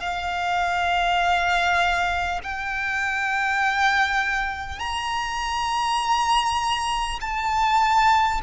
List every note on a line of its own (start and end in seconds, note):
0.00 2.40 F5
2.43 4.79 G5
4.79 7.19 A#5
7.21 8.41 A5